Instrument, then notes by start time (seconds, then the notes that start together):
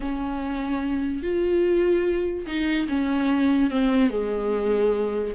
viola
0.00 C#4
1.22 F4
2.46 D#4
2.88 C#4
3.70 C4
4.10 G#3